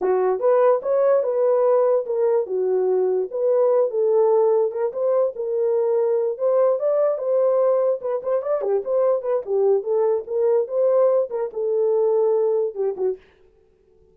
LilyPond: \new Staff \with { instrumentName = "horn" } { \time 4/4 \tempo 4 = 146 fis'4 b'4 cis''4 b'4~ | b'4 ais'4 fis'2 | b'4. a'2 ais'8 | c''4 ais'2~ ais'8 c''8~ |
c''8 d''4 c''2 b'8 | c''8 d''8 g'8 c''4 b'8 g'4 | a'4 ais'4 c''4. ais'8 | a'2. g'8 fis'8 | }